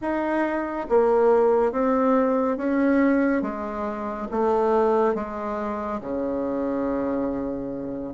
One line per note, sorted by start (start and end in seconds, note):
0.01 0.86 D#4
0.89 1.71 A#3
1.71 2.57 C4
2.57 3.41 C#4
3.41 4.27 G#3
4.31 5.14 A3
5.14 6.00 G#3
6.00 8.14 C#3